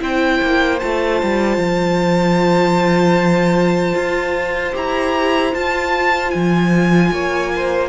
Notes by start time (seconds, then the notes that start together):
0.00 C4 E4 C5 G5
0.42 A#3
0.80 A3 F4 A5
1.23 G3
1.57 F3
3.95 F4
4.73 E4 G4 A#5
5.54 F4 A5
6.31 F3 G#5
7.12 A#3 C#5
7.55 C5